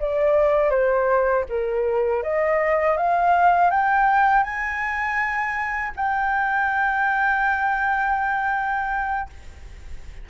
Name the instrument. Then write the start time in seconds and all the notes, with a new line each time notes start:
flute
0.00 D5
0.70 C5
1.49 A#4
2.23 D#5
2.97 F5
3.71 G5
4.44 G#5
5.96 G5